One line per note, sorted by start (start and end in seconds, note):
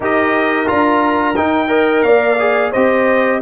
0.00 0.68 D#4
0.00 0.66 G4
0.00 1.69 A#4
0.00 0.68 D#5
0.66 1.37 D4
0.66 1.34 F4
0.66 1.36 A#5
1.36 1.67 D#4
1.36 2.03 D#4
1.36 2.03 G5
1.67 2.36 A#4
1.67 2.03 D#5
2.03 2.71 A#3
2.03 2.71 D5
2.03 2.71 F5
2.39 2.73 G#4
2.71 3.41 C4
2.71 3.41 G4
2.71 3.39 C5
2.71 3.40 D#5